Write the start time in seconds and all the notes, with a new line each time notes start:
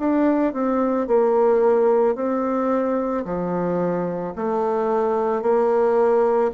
0.00 D4
0.54 C4
1.08 A#3
2.16 C4
3.25 F3
4.36 A3
5.42 A#3